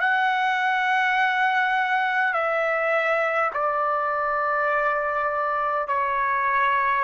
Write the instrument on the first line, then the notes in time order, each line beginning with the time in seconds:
trumpet
0.00 F#5
2.33 E5
3.53 D5
5.88 C#5